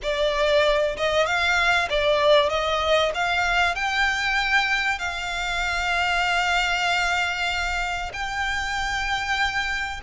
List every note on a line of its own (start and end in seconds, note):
0.02 0.96 D5
0.97 1.26 D#5
1.26 1.88 F5
1.89 2.49 D5
2.49 3.12 D#5
3.14 3.75 F5
3.75 4.99 G5
4.99 8.11 F5
8.13 10.00 G5